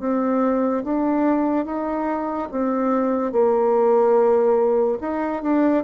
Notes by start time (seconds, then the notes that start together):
0.00 C4
0.84 D4
1.66 D#4
2.52 C4
3.32 A#3
5.01 D#4
5.43 D4